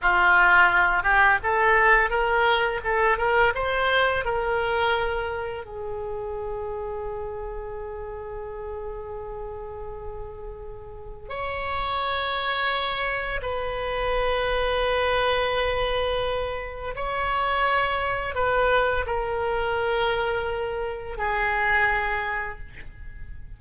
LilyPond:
\new Staff \with { instrumentName = "oboe" } { \time 4/4 \tempo 4 = 85 f'4. g'8 a'4 ais'4 | a'8 ais'8 c''4 ais'2 | gis'1~ | gis'1 |
cis''2. b'4~ | b'1 | cis''2 b'4 ais'4~ | ais'2 gis'2 | }